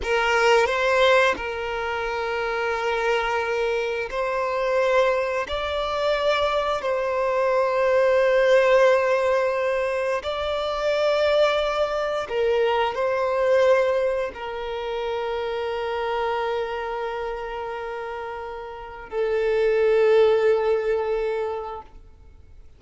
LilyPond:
\new Staff \with { instrumentName = "violin" } { \time 4/4 \tempo 4 = 88 ais'4 c''4 ais'2~ | ais'2 c''2 | d''2 c''2~ | c''2. d''4~ |
d''2 ais'4 c''4~ | c''4 ais'2.~ | ais'1 | a'1 | }